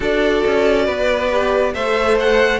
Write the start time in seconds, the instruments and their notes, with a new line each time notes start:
0.00 cello D4, viola F#4, violin A4 D5
0.46 cello C#4
0.85 cello B3, violin B4
1.31 viola G4
1.74 cello A3, viola A4, violin C5 E5
2.19 violin F#5